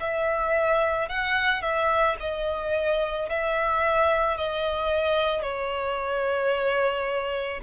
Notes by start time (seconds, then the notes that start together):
0.00 E5
1.09 F#5
1.62 E5
2.20 D#5
3.29 E5
4.37 D#5
5.42 C#5